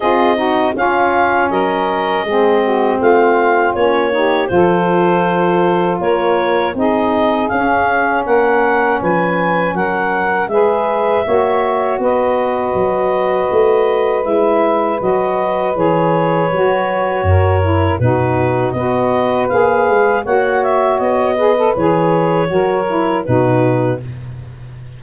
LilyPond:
<<
  \new Staff \with { instrumentName = "clarinet" } { \time 4/4 \tempo 4 = 80 dis''4 f''4 dis''2 | f''4 cis''4 c''2 | cis''4 dis''4 f''4 fis''4 | gis''4 fis''4 e''2 |
dis''2. e''4 | dis''4 cis''2. | b'4 dis''4 f''4 fis''8 e''8 | dis''4 cis''2 b'4 | }
  \new Staff \with { instrumentName = "saxophone" } { \time 4/4 gis'8 fis'8 f'4 ais'4 gis'8 fis'8 | f'4. g'8 a'2 | ais'4 gis'2 ais'4 | b'4 ais'4 b'4 cis''4 |
b'1~ | b'2. ais'4 | fis'4 b'2 cis''4~ | cis''8 b'4. ais'4 fis'4 | }
  \new Staff \with { instrumentName = "saxophone" } { \time 4/4 f'8 dis'8 cis'2 c'4~ | c'4 cis'8 dis'8 f'2~ | f'4 dis'4 cis'2~ | cis'2 gis'4 fis'4~ |
fis'2. e'4 | fis'4 gis'4 fis'4. e'8 | dis'4 fis'4 gis'4 fis'4~ | fis'8 gis'16 a'16 gis'4 fis'8 e'8 dis'4 | }
  \new Staff \with { instrumentName = "tuba" } { \time 4/4 c'4 cis'4 fis4 gis4 | a4 ais4 f2 | ais4 c'4 cis'4 ais4 | f4 fis4 gis4 ais4 |
b4 fis4 a4 gis4 | fis4 e4 fis4 fis,4 | b,4 b4 ais8 gis8 ais4 | b4 e4 fis4 b,4 | }
>>